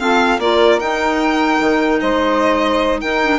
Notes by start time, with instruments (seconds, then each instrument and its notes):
0.00 clarinet C4, bassoon F4, saxophone A4, violin F5
0.39 bassoon A#3, clarinet F4, saxophone A#4, violin D5
0.80 bassoon D#4, clarinet D#4, violin G5
1.61 bassoon D#3
2.01 bassoon G#3, saxophone C5, violin D#5
3.01 bassoon D#4, saxophone A#4, violin G5
3.23 clarinet D4